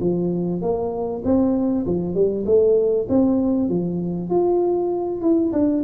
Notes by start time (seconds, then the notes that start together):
0.00 F3
0.61 A#3
1.24 C4
1.86 F3
2.14 G3
2.45 A3
3.09 C4
3.69 F3
4.29 F4
5.21 E4
5.52 D4